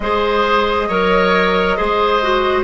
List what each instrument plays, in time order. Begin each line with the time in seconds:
0.00 bassoon G#3, clarinet G#4, oboe C5, flute D#5
0.88 bassoon F#3, clarinet A#4, oboe C#5
1.76 bassoon G#3, clarinet G#4, oboe C5
2.22 clarinet F#4